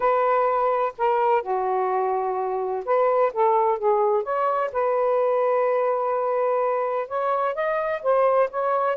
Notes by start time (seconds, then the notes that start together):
0.00 B4
0.97 A#4
1.42 F#4
2.85 B4
3.33 A4
3.78 G#4
4.23 C#5
4.72 B4
7.08 C#5
7.54 D#5
8.02 C5
8.50 C#5